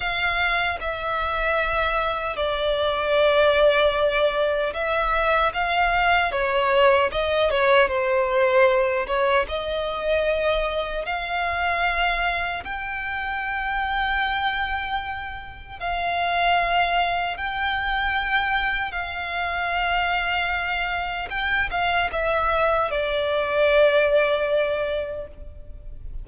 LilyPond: \new Staff \with { instrumentName = "violin" } { \time 4/4 \tempo 4 = 76 f''4 e''2 d''4~ | d''2 e''4 f''4 | cis''4 dis''8 cis''8 c''4. cis''8 | dis''2 f''2 |
g''1 | f''2 g''2 | f''2. g''8 f''8 | e''4 d''2. | }